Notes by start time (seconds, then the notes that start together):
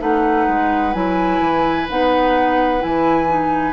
0.00 A3 D#4 B4 F#5
0.48 G#3
0.94 F#3 E4 G#5
1.40 E3
1.89 B3 D#4 F#5
2.80 E3 E4 G#5
3.28 D#4